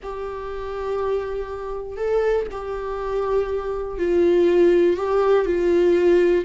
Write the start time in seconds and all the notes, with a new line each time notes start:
0.02 G4
1.96 A4
2.51 G4
3.98 F4
4.96 G4
5.45 F4